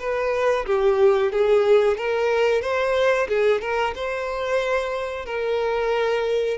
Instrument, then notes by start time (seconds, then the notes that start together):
violin
0.00 B4
0.66 G4
1.32 G#4
1.97 A#4
2.62 C5
3.29 G#4
3.61 A#4
3.96 C5
5.26 A#4